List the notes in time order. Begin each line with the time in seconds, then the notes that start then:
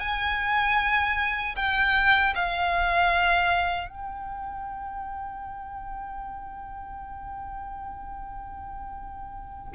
0.00 G#5
1.56 G5
2.35 F5
3.89 G5